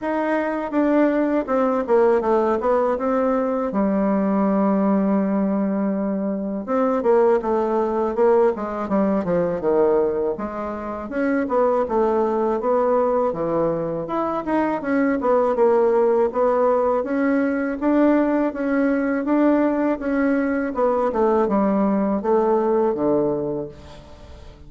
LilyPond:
\new Staff \with { instrumentName = "bassoon" } { \time 4/4 \tempo 4 = 81 dis'4 d'4 c'8 ais8 a8 b8 | c'4 g2.~ | g4 c'8 ais8 a4 ais8 gis8 | g8 f8 dis4 gis4 cis'8 b8 |
a4 b4 e4 e'8 dis'8 | cis'8 b8 ais4 b4 cis'4 | d'4 cis'4 d'4 cis'4 | b8 a8 g4 a4 d4 | }